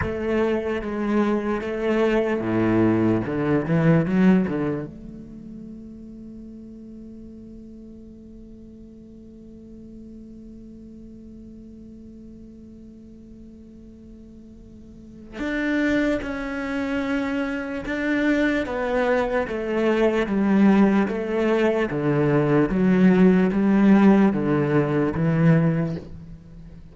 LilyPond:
\new Staff \with { instrumentName = "cello" } { \time 4/4 \tempo 4 = 74 a4 gis4 a4 a,4 | d8 e8 fis8 d8 a2~ | a1~ | a1~ |
a2. d'4 | cis'2 d'4 b4 | a4 g4 a4 d4 | fis4 g4 d4 e4 | }